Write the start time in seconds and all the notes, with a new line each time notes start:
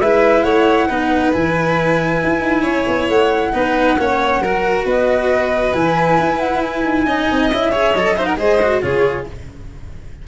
0.00 G#3 E4 B4 E5
0.43 A3 C#5 F#5
0.87 B3 D#4 B4
1.32 E3 E4 G#5
2.24 E4
2.41 D#4
2.62 C#4 C#5
2.87 B3
3.09 A3 F#5
3.53 B3 D#4 B4
3.98 A#3 C#4 C#5
4.40 F#3 F#4 A#4
4.85 B3 B4 D#5
5.73 E3 E4 G#5
6.19 E4
6.40 F#5
6.62 G#5
6.84 D#4
7.06 C#4 D#4 D#5
7.31 C4
7.51 C#4 E4 E5
7.71 G#4 C#5
7.94 F#3 A4 D#5
8.17 D#4 C5 E5
8.25 A#4 F#5
8.37 G#3 G#4 C5 D#5
8.62 F#4
8.82 C#3 F4 G#4 C#5